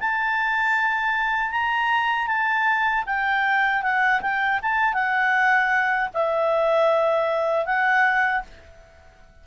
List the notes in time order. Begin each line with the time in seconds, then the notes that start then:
0.00 A5
1.51 A#5
2.27 A5
3.06 G5
3.83 F#5
4.21 G5
4.62 A5
4.94 F#5
6.14 E5
7.65 F#5